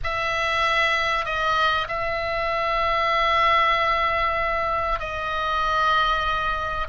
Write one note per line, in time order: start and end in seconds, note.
0.03 1.25 E5
1.25 1.88 D#5
1.88 4.99 E5
4.99 6.87 D#5